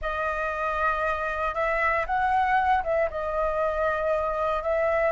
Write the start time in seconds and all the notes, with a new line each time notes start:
0.01 D#5
1.54 E5
2.06 F#5
2.83 E5
3.10 D#5
4.62 E5